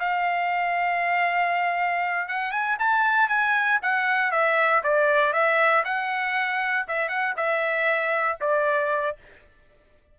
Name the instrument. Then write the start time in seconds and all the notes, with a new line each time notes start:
trumpet
0.00 F5
2.29 F#5
2.52 G#5
2.80 A5
3.29 G#5
3.83 F#5
4.32 E5
4.84 D5
5.33 E5
5.85 F#5
6.88 E5
7.09 F#5
7.37 E5
8.41 D5